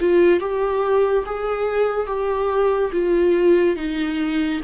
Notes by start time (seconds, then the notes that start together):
0.00 F4
0.40 G4
1.26 G#4
2.07 G4
2.92 F4
3.76 D#4